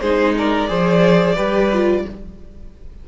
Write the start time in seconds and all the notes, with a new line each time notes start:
0.00 G#3 D#4 G#4 C5
0.37 A#4 D5
0.67 F3 G#4 C5
1.35 G3 G4 B4
1.72 F4